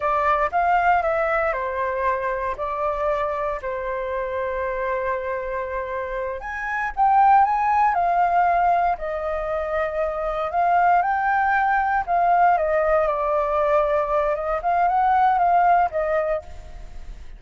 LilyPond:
\new Staff \with { instrumentName = "flute" } { \time 4/4 \tempo 4 = 117 d''4 f''4 e''4 c''4~ | c''4 d''2 c''4~ | c''1~ | c''8 gis''4 g''4 gis''4 f''8~ |
f''4. dis''2~ dis''8~ | dis''8 f''4 g''2 f''8~ | f''8 dis''4 d''2~ d''8 | dis''8 f''8 fis''4 f''4 dis''4 | }